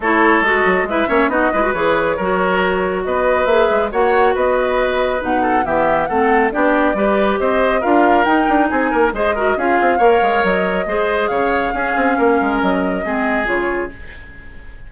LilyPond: <<
  \new Staff \with { instrumentName = "flute" } { \time 4/4 \tempo 4 = 138 cis''4 dis''4 e''4 dis''4 | cis''2. dis''4 | e''4 fis''4 dis''2 | fis''4 e''4 fis''4 d''4~ |
d''4 dis''4 f''4 g''4 | gis''4 dis''4 f''2 | dis''2 f''2~ | f''4 dis''2 cis''4 | }
  \new Staff \with { instrumentName = "oboe" } { \time 4/4 a'2 b'8 cis''8 fis'8 b'8~ | b'4 ais'2 b'4~ | b'4 cis''4 b'2~ | b'8 a'8 g'4 a'4 g'4 |
b'4 c''4 ais'2 | gis'8 ais'8 c''8 ais'8 gis'4 cis''4~ | cis''4 c''4 cis''4 gis'4 | ais'2 gis'2 | }
  \new Staff \with { instrumentName = "clarinet" } { \time 4/4 e'4 fis'4 e'8 cis'8 dis'8 e'16 fis'16 | gis'4 fis'2. | gis'4 fis'2. | dis'4 b4 c'4 d'4 |
g'2 f'4 dis'4~ | dis'4 gis'8 fis'8 f'4 ais'4~ | ais'4 gis'2 cis'4~ | cis'2 c'4 f'4 | }
  \new Staff \with { instrumentName = "bassoon" } { \time 4/4 a4 gis8 fis8 gis8 ais8 b8 gis8 | e4 fis2 b4 | ais8 gis8 ais4 b2 | b,4 e4 a4 b4 |
g4 c'4 d'4 dis'8 d'8 | c'8 ais8 gis4 cis'8 c'8 ais8 gis8 | fis4 gis4 cis4 cis'8 c'8 | ais8 gis8 fis4 gis4 cis4 | }
>>